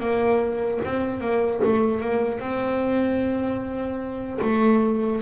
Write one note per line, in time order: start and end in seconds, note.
0.00 0.80 A#3
0.85 1.21 C4
1.21 1.61 A#3
1.65 2.01 A3
2.01 2.40 A#3
2.40 4.40 C4
4.42 5.22 A3